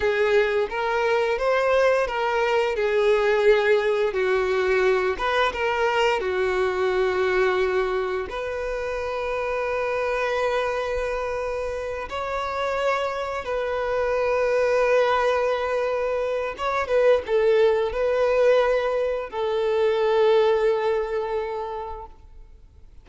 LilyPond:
\new Staff \with { instrumentName = "violin" } { \time 4/4 \tempo 4 = 87 gis'4 ais'4 c''4 ais'4 | gis'2 fis'4. b'8 | ais'4 fis'2. | b'1~ |
b'4. cis''2 b'8~ | b'1 | cis''8 b'8 a'4 b'2 | a'1 | }